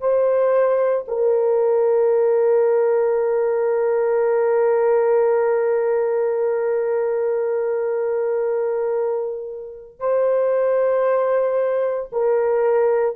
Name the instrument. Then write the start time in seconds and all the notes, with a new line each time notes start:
horn
0.00 C5
1.08 A#4
10.00 C5
12.12 A#4